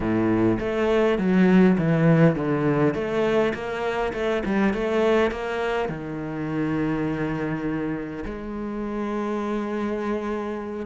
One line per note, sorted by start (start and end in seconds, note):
0.00 0.59 A2
0.59 1.18 A3
1.18 1.77 F#3
1.78 2.35 E3
2.35 2.94 D3
2.94 3.53 A3
3.53 4.12 A#3
4.13 4.42 A3
4.45 4.73 G3
4.73 5.31 A3
5.31 5.88 A#3
5.88 8.24 D#3
8.25 10.86 G#3